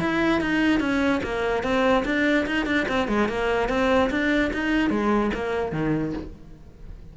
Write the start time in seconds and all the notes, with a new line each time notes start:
0.00 E4
0.41 D#4
0.80 C#4
1.23 A#3
1.63 C4
2.05 D4
2.47 D#4
2.66 D4
2.88 C4
3.08 G#3
3.28 A#3
3.69 C4
4.10 D4
4.53 D#4
4.90 G#3
5.34 A#3
5.72 D#3